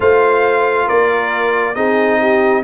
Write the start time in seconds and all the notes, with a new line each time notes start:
0.00 A3 F4 C5 F5
0.86 A#3 A#4 D5
1.74 C4 D#4 G#4 D#5
2.20 G4